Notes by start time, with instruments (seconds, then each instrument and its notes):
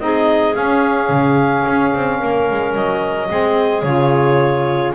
0.00 double bass C4, saxophone D#4, clarinet G#4 D#5
0.54 saxophone C#4, double bass C#4, clarinet F5
1.09 double bass C#3
1.67 double bass C#4
1.95 double bass C4
2.20 double bass A#3, clarinet A#4
2.51 double bass G#3
2.75 double bass F#3, clarinet D#5
3.29 double bass G#3, saxophone C4, clarinet G#4
3.83 double bass C#3, saxophone F4, clarinet C#5